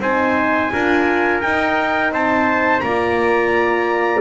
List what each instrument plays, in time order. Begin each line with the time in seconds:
0.00 double bass C4, horn D#4, trumpet C5 G#5
0.72 double bass D4, horn F4, trumpet A#4
1.41 horn D#4, double bass D#4, trumpet G5
2.11 double bass C4, trumpet C5 A5
2.80 double bass A#3, horn F4, trumpet D5 A#5